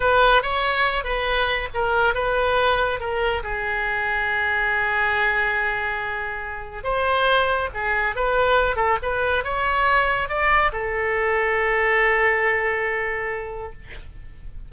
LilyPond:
\new Staff \with { instrumentName = "oboe" } { \time 4/4 \tempo 4 = 140 b'4 cis''4. b'4. | ais'4 b'2 ais'4 | gis'1~ | gis'1 |
c''2 gis'4 b'4~ | b'8 a'8 b'4 cis''2 | d''4 a'2.~ | a'1 | }